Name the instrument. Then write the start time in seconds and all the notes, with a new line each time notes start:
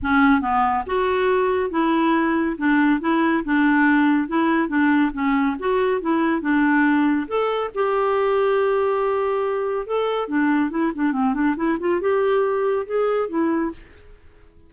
clarinet
0.02 C#4
0.41 B3
0.86 F#4
1.70 E4
2.57 D4
3.00 E4
3.44 D4
4.27 E4
4.68 D4
5.13 C#4
5.59 F#4
6.01 E4
6.41 D4
7.27 A4
7.74 G4
9.86 A4
10.27 D4
10.70 E4
10.94 D4
11.12 C4
11.34 D4
11.56 E4
11.79 F4
12.00 G4
12.86 G#4
13.28 E4